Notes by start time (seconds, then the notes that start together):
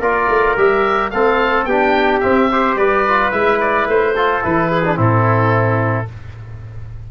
0.00 A#3 F4 A#4 D5
0.28 A3
0.57 G3 G4 E5
1.10 A3 C4 A4 F5
1.65 B3 D4 G4 G5
2.20 C4 E5
2.51 G4 C5
2.75 G3 B4 D5
3.07 F4
3.31 G#3 E4 E5
3.60 D5
3.87 A3 C5
4.15 F4 A4
4.42 E3 E4 B4
4.71 G#4
4.85 D4
4.95 A2 C4 E4 A4